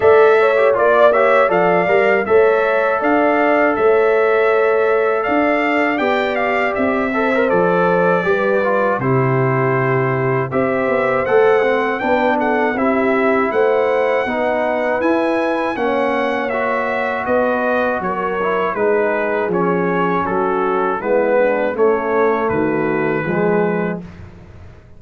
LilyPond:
<<
  \new Staff \with { instrumentName = "trumpet" } { \time 4/4 \tempo 4 = 80 e''4 d''8 e''8 f''4 e''4 | f''4 e''2 f''4 | g''8 f''8 e''4 d''2 | c''2 e''4 fis''4 |
g''8 fis''8 e''4 fis''2 | gis''4 fis''4 e''4 dis''4 | cis''4 b'4 cis''4 a'4 | b'4 cis''4 b'2 | }
  \new Staff \with { instrumentName = "horn" } { \time 4/4 d''8 cis''8 d''8 cis''8 d''4 cis''4 | d''4 cis''2 d''4~ | d''4. c''4. b'4 | g'2 c''2 |
b'8 a'8 g'4 c''4 b'4~ | b'4 cis''2 b'4 | ais'4 gis'2 fis'4 | e'8 d'8 cis'4 fis'4 gis'4 | }
  \new Staff \with { instrumentName = "trombone" } { \time 4/4 a'8. g'16 f'8 g'8 a'8 ais'8 a'4~ | a'1 | g'4. a'16 ais'16 a'4 g'8 f'8 | e'2 g'4 a'8 c'8 |
d'4 e'2 dis'4 | e'4 cis'4 fis'2~ | fis'8 e'8 dis'4 cis'2 | b4 a2 gis4 | }
  \new Staff \with { instrumentName = "tuba" } { \time 4/4 a4 ais4 f8 g8 a4 | d'4 a2 d'4 | b4 c'4 f4 g4 | c2 c'8 b8 a4 |
b4 c'4 a4 b4 | e'4 ais2 b4 | fis4 gis4 f4 fis4 | gis4 a4 dis4 f4 | }
>>